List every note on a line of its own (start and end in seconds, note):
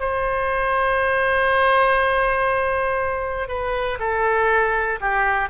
0.00 3.49 C5
3.49 3.99 B4
4.00 5.00 A4
5.00 5.50 G4